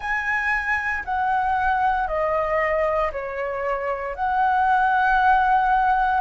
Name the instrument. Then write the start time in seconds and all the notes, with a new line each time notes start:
flute
0.00 G#5
1.04 F#5
2.07 D#5
3.11 C#5
4.15 F#5